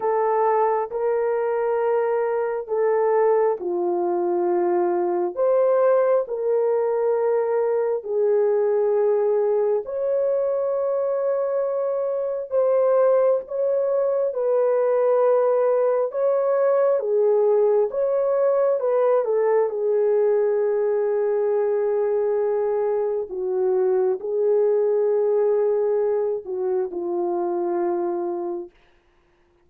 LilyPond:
\new Staff \with { instrumentName = "horn" } { \time 4/4 \tempo 4 = 67 a'4 ais'2 a'4 | f'2 c''4 ais'4~ | ais'4 gis'2 cis''4~ | cis''2 c''4 cis''4 |
b'2 cis''4 gis'4 | cis''4 b'8 a'8 gis'2~ | gis'2 fis'4 gis'4~ | gis'4. fis'8 f'2 | }